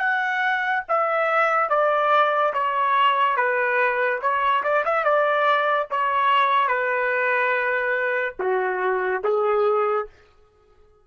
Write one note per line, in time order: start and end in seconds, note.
0.00 0.83 F#5
0.88 1.70 E5
1.70 2.53 D5
2.53 3.37 C#5
3.37 4.20 B4
4.22 4.63 C#5
4.63 4.84 D5
4.85 5.04 E5
5.04 5.87 D5
5.91 6.68 C#5
6.68 8.35 B4
8.39 9.22 F#4
9.24 10.07 G#4